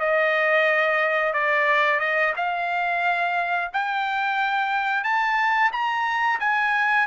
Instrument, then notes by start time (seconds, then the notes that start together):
trumpet
0.00 D#5
1.33 D5
2.00 D#5
2.36 F5
3.73 G5
5.04 A5
5.72 A#5
6.40 G#5